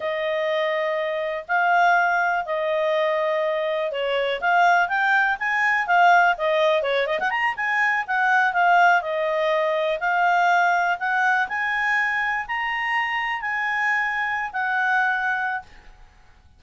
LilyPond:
\new Staff \with { instrumentName = "clarinet" } { \time 4/4 \tempo 4 = 123 dis''2. f''4~ | f''4 dis''2. | cis''4 f''4 g''4 gis''4 | f''4 dis''4 cis''8 dis''16 fis''16 ais''8 gis''8~ |
gis''8 fis''4 f''4 dis''4.~ | dis''8 f''2 fis''4 gis''8~ | gis''4. ais''2 gis''8~ | gis''4.~ gis''16 fis''2~ fis''16 | }